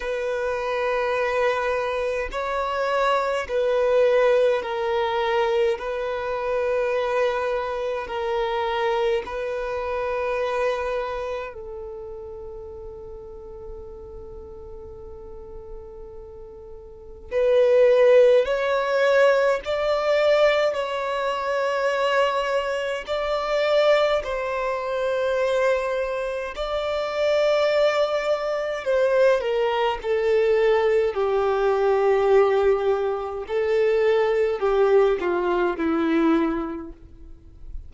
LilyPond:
\new Staff \with { instrumentName = "violin" } { \time 4/4 \tempo 4 = 52 b'2 cis''4 b'4 | ais'4 b'2 ais'4 | b'2 a'2~ | a'2. b'4 |
cis''4 d''4 cis''2 | d''4 c''2 d''4~ | d''4 c''8 ais'8 a'4 g'4~ | g'4 a'4 g'8 f'8 e'4 | }